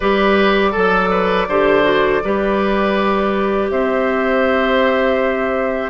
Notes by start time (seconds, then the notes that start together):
0.00 G3 G4 B4 D5
0.71 F#3 A4
1.10 B4
1.48 D3 G4 C5
1.83 F#4
2.23 G3 G4 B4
3.70 C4 C5 E5